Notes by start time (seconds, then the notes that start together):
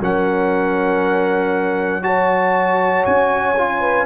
0.00 F#3 C#4 A#4 F#5
2.03 F#4 C#5 A5
3.06 C#4 G#5
3.58 F4
3.80 B4